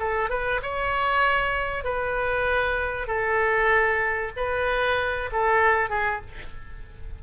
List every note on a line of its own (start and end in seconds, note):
0.00 0.30 A4
0.30 0.61 B4
0.63 1.84 C#5
1.84 3.07 B4
3.07 4.32 A4
4.37 5.30 B4
5.32 5.90 A4
5.90 6.21 G#4